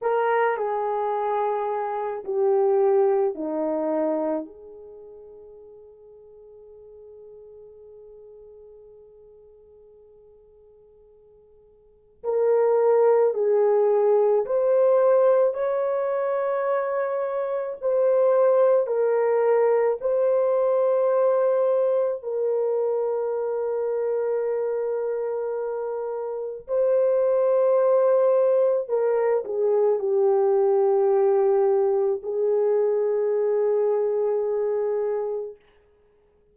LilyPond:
\new Staff \with { instrumentName = "horn" } { \time 4/4 \tempo 4 = 54 ais'8 gis'4. g'4 dis'4 | gis'1~ | gis'2. ais'4 | gis'4 c''4 cis''2 |
c''4 ais'4 c''2 | ais'1 | c''2 ais'8 gis'8 g'4~ | g'4 gis'2. | }